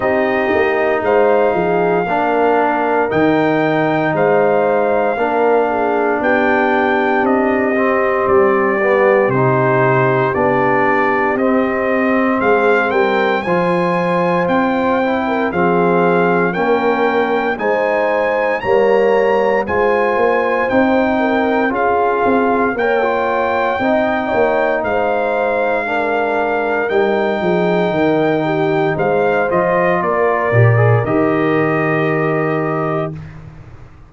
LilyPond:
<<
  \new Staff \with { instrumentName = "trumpet" } { \time 4/4 \tempo 4 = 58 dis''4 f''2 g''4 | f''2 g''4 dis''4 | d''4 c''4 d''4 dis''4 | f''8 g''8 gis''4 g''4 f''4 |
g''4 gis''4 ais''4 gis''4 | g''4 f''4 g''2 | f''2 g''2 | f''8 dis''8 d''4 dis''2 | }
  \new Staff \with { instrumentName = "horn" } { \time 4/4 g'4 c''8 gis'8 ais'2 | c''4 ais'8 gis'8 g'2~ | g'1 | gis'8 ais'8 c''4.~ c''16 ais'16 gis'4 |
ais'4 c''4 cis''4 c''4~ | c''8 ais'8 gis'4 cis''4 dis''8 cis''8 | c''4 ais'4. gis'8 ais'8 g'8 | c''4 ais'2. | }
  \new Staff \with { instrumentName = "trombone" } { \time 4/4 dis'2 d'4 dis'4~ | dis'4 d'2~ d'8 c'8~ | c'8 b8 dis'4 d'4 c'4~ | c'4 f'4. e'8 c'4 |
cis'4 dis'4 ais4 f'4 | dis'4 f'4 ais'16 f'8. dis'4~ | dis'4 d'4 dis'2~ | dis'8 f'4 g'16 gis'16 g'2 | }
  \new Staff \with { instrumentName = "tuba" } { \time 4/4 c'8 ais8 gis8 f8 ais4 dis4 | gis4 ais4 b4 c'4 | g4 c4 b4 c'4 | gis8 g8 f4 c'4 f4 |
ais4 gis4 g4 gis8 ais8 | c'4 cis'8 c'8 ais4 c'8 ais8 | gis2 g8 f8 dis4 | gis8 f8 ais8 ais,8 dis2 | }
>>